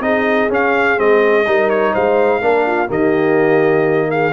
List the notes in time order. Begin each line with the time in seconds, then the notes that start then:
0.00 C4 D#4 G#4 D#5
0.49 C#4 F5
0.97 G#3 C4 D#5
1.46 G3 D#4 A#4
1.70 C#5
1.92 G#3 C5 F5
2.41 A#3 D4 A#4
2.66 F4
2.88 D#3 A#3 G4 D#5
4.11 G#4 F5